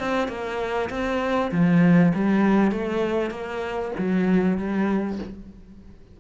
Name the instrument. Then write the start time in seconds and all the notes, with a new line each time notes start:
cello
0.00 C4
0.29 A#3
0.90 C4
1.52 F3
2.15 G3
2.72 A3
3.31 A#3
3.99 F#3
4.58 G3